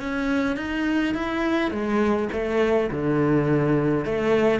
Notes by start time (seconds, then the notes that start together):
0.00 C#4
0.57 D#4
1.15 E4
1.71 G#3
2.32 A3
2.91 D3
4.05 A3